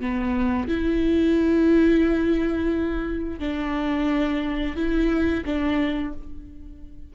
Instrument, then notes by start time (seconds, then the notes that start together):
viola
0.00 B3
0.68 E4
3.40 D4
4.76 E4
5.45 D4